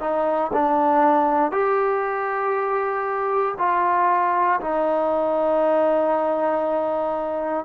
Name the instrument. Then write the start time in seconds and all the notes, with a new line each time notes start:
trombone
0.00 D#4
0.53 D4
1.51 G4
3.58 F4
4.60 D#4